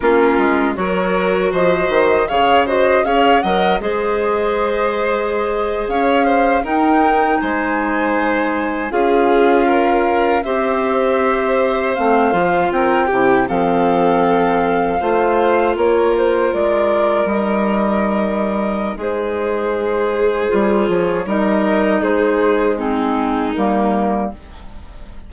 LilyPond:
<<
  \new Staff \with { instrumentName = "flute" } { \time 4/4 \tempo 4 = 79 ais'4 cis''4 dis''4 f''8 dis''8 | f''8 fis''8 dis''2~ dis''8. f''16~ | f''8. g''4 gis''2 f''16~ | f''4.~ f''16 e''2 f''16~ |
f''8. g''4 f''2~ f''16~ | f''8. cis''8 c''8 d''4 dis''4~ dis''16~ | dis''4 c''2~ c''8 cis''8 | dis''4 c''4 gis'4 ais'4 | }
  \new Staff \with { instrumentName = "violin" } { \time 4/4 f'4 ais'4 c''4 cis''8 c''8 | cis''8 dis''8 c''2~ c''8. cis''16~ | cis''16 c''8 ais'4 c''2 gis'16~ | gis'8. ais'4 c''2~ c''16~ |
c''8. ais'8 g'8 a'2 c''16~ | c''8. ais'2.~ ais'16~ | ais'4 gis'2. | ais'4 gis'4 dis'2 | }
  \new Staff \with { instrumentName = "clarinet" } { \time 4/4 cis'4 fis'2 gis'8 fis'8 | gis'8 ais'8 gis'2.~ | gis'8. dis'2. f'16~ | f'4.~ f'16 g'2 c'16~ |
c'16 f'4 e'8 c'2 f'16~ | f'2~ f'8. dis'4~ dis'16~ | dis'2. f'4 | dis'2 c'4 ais4 | }
  \new Staff \with { instrumentName = "bassoon" } { \time 4/4 ais8 gis8 fis4 f8 dis8 cis4 | cis'8 fis8 gis2~ gis8. cis'16~ | cis'8. dis'4 gis2 cis'16~ | cis'4.~ cis'16 c'2 a16~ |
a16 f8 c'8 c8 f2 a16~ | a8. ais4 gis4 g4~ g16~ | g4 gis2 g8 f8 | g4 gis2 g4 | }
>>